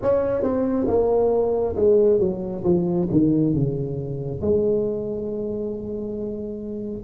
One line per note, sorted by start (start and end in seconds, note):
0.02 0.42 C#4
0.42 0.86 C4
0.87 1.75 A#3
1.76 2.19 G#3
2.19 2.63 F#3
2.64 3.08 F3
3.11 3.54 D#3
3.54 4.41 C#3
4.41 7.03 G#3